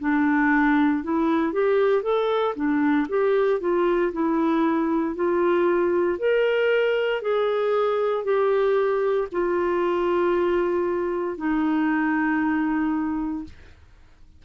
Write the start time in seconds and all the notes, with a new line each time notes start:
0.00 D4
1.03 E4
1.53 G4
2.03 A4
2.55 D4
3.09 G4
3.61 F4
4.13 E4
5.15 F4
6.19 A#4
7.22 G#4
8.24 G4
9.32 F4
11.37 D#4